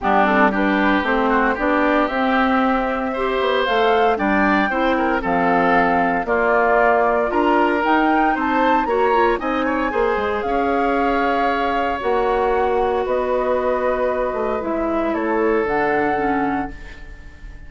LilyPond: <<
  \new Staff \with { instrumentName = "flute" } { \time 4/4 \tempo 4 = 115 g'8 a'8 b'4 c''4 d''4 | e''2. f''4 | g''2 f''2 | d''2 ais''4 g''4 |
a''4 ais''4 gis''2 | f''2. fis''4~ | fis''4 dis''2. | e''4 cis''4 fis''2 | }
  \new Staff \with { instrumentName = "oboe" } { \time 4/4 d'4 g'4. fis'8 g'4~ | g'2 c''2 | d''4 c''8 ais'8 a'2 | f'2 ais'2 |
c''4 cis''4 dis''8 cis''8 c''4 | cis''1~ | cis''4 b'2.~ | b'4 a'2. | }
  \new Staff \with { instrumentName = "clarinet" } { \time 4/4 b8 c'8 d'4 c'4 d'4 | c'2 g'4 a'4 | d'4 e'4 c'2 | ais2 f'4 dis'4~ |
dis'4 fis'8 f'8 dis'4 gis'4~ | gis'2. fis'4~ | fis'1 | e'2 d'4 cis'4 | }
  \new Staff \with { instrumentName = "bassoon" } { \time 4/4 g2 a4 b4 | c'2~ c'8 b8 a4 | g4 c'4 f2 | ais2 d'4 dis'4 |
c'4 ais4 c'4 ais8 gis8 | cis'2. ais4~ | ais4 b2~ b8 a8 | gis4 a4 d2 | }
>>